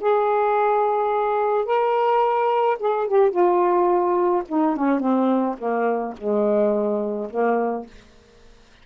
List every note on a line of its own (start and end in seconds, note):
0.00 1.65 G#4
1.65 2.77 A#4
2.79 3.07 G#4
3.07 3.31 G4
3.31 4.43 F4
4.48 4.76 D#4
4.76 4.99 C#4
4.99 5.55 C4
5.58 6.14 A#3
6.17 7.29 G#3
7.30 7.86 A#3